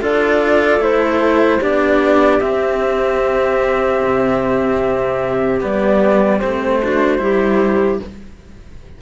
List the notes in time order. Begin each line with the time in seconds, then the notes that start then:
0.00 D4 F4 A4 D5
0.77 A3 E4 C5
1.59 B3 D4 G4 D5
2.40 C4 E5
4.04 C3
5.60 G3 B3 D5
6.39 A3 C4 C5
6.82 D4 F#4
7.18 G3 E4 G4